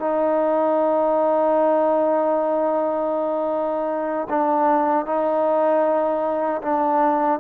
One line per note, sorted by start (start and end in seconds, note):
0.00 4.29 D#4
4.30 5.06 D4
5.06 6.62 D#4
6.62 7.40 D4